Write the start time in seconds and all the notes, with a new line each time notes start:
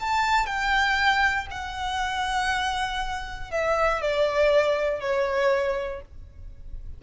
0.00 A5
0.46 G5
1.51 F#5
3.51 E5
4.01 D5
5.01 C#5